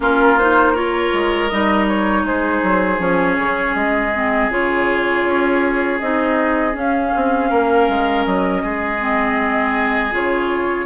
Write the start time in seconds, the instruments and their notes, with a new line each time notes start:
0.00 bassoon A#3, clarinet C#4, oboe F4, flute A#4
0.38 clarinet D#4, flute C5
0.72 clarinet F4, oboe A#4, flute C#5
1.13 bassoon G#3
1.48 bassoon G3, clarinet D#4, flute D#5
1.88 flute C#5
2.23 bassoon G#3, oboe G#4, flute C5
2.63 bassoon F#3
2.99 bassoon F3, clarinet C#4, flute C#5
3.38 bassoon C#3
3.75 bassoon G#3, flute D#5
4.14 clarinet C4
4.48 bassoon C#3, clarinet F4, flute C#5
5.25 bassoon C#4
6.00 bassoon C4, clarinet D#4, flute D#5
6.73 clarinet C#4, bassoon C#4, flute F5
7.15 bassoon C4
7.49 bassoon A#3, oboe A#4
7.88 bassoon G#3
8.25 bassoon F#3, flute D#5
8.63 bassoon G#3, oboe G#4
8.99 clarinet C4
10.11 bassoon C#3, clarinet F4, flute C#5